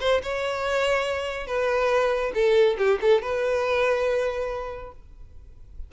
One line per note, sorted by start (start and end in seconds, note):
0.00 0.21 C5
0.23 1.47 C#5
1.47 2.32 B4
2.34 2.77 A4
2.78 2.99 G4
3.01 3.22 A4
3.22 4.92 B4